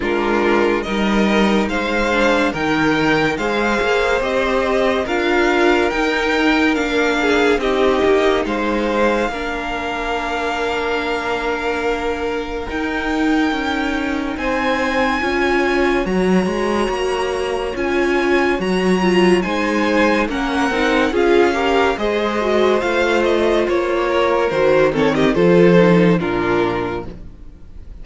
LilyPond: <<
  \new Staff \with { instrumentName = "violin" } { \time 4/4 \tempo 4 = 71 ais'4 dis''4 f''4 g''4 | f''4 dis''4 f''4 g''4 | f''4 dis''4 f''2~ | f''2. g''4~ |
g''4 gis''2 ais''4~ | ais''4 gis''4 ais''4 gis''4 | fis''4 f''4 dis''4 f''8 dis''8 | cis''4 c''8 cis''16 dis''16 c''4 ais'4 | }
  \new Staff \with { instrumentName = "violin" } { \time 4/4 f'4 ais'4 c''4 ais'4 | c''2 ais'2~ | ais'8 gis'8 g'4 c''4 ais'4~ | ais'1~ |
ais'4 c''4 cis''2~ | cis''2. c''4 | ais'4 gis'8 ais'8 c''2~ | c''8 ais'4 a'16 g'16 a'4 f'4 | }
  \new Staff \with { instrumentName = "viola" } { \time 4/4 d'4 dis'4. d'8 dis'4 | gis'4 g'4 f'4 dis'4 | d'4 dis'2 d'4~ | d'2. dis'4~ |
dis'2 f'4 fis'4~ | fis'4 f'4 fis'8 f'8 dis'4 | cis'8 dis'8 f'8 g'8 gis'8 fis'8 f'4~ | f'4 fis'8 c'8 f'8 dis'8 d'4 | }
  \new Staff \with { instrumentName = "cello" } { \time 4/4 gis4 g4 gis4 dis4 | gis8 ais8 c'4 d'4 dis'4 | ais4 c'8 ais8 gis4 ais4~ | ais2. dis'4 |
cis'4 c'4 cis'4 fis8 gis8 | ais4 cis'4 fis4 gis4 | ais8 c'8 cis'4 gis4 a4 | ais4 dis4 f4 ais,4 | }
>>